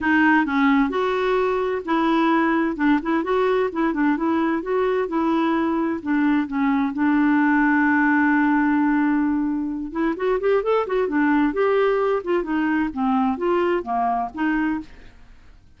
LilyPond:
\new Staff \with { instrumentName = "clarinet" } { \time 4/4 \tempo 4 = 130 dis'4 cis'4 fis'2 | e'2 d'8 e'8 fis'4 | e'8 d'8 e'4 fis'4 e'4~ | e'4 d'4 cis'4 d'4~ |
d'1~ | d'4. e'8 fis'8 g'8 a'8 fis'8 | d'4 g'4. f'8 dis'4 | c'4 f'4 ais4 dis'4 | }